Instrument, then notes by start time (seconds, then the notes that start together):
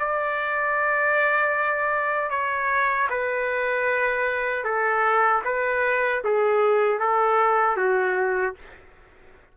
trumpet
0.00 D5
2.31 C#5
3.10 B4
4.65 A4
5.45 B4
6.25 G#4
7.00 A4
7.77 F#4